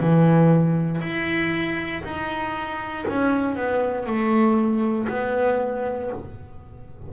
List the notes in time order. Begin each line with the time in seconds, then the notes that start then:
0.00 E3
1.01 E4
2.04 D#4
3.08 C#4
3.56 B3
4.06 A3
5.08 B3